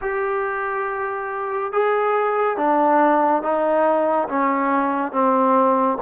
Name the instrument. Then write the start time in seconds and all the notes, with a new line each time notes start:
trombone
0.01 G4
1.72 G#4
2.57 D4
3.42 D#4
4.29 C#4
5.12 C4